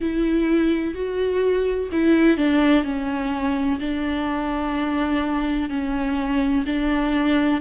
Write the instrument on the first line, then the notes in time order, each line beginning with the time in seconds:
viola
0.00 E4
0.94 F#4
1.92 E4
2.37 D4
2.84 C#4
3.79 D4
5.69 C#4
6.65 D4